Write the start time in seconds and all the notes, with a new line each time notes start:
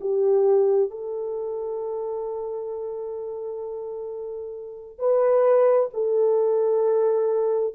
0.00 G4
0.90 A4
4.99 B4
5.93 A4